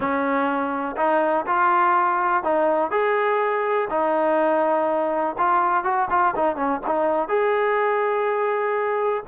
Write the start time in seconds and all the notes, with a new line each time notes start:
0.00 C#4
0.96 D#4
1.46 F4
2.43 D#4
2.90 G#4
3.89 D#4
5.37 F4
5.83 F#4
6.10 F4
6.35 D#4
6.56 C#4
6.86 D#4
7.28 G#4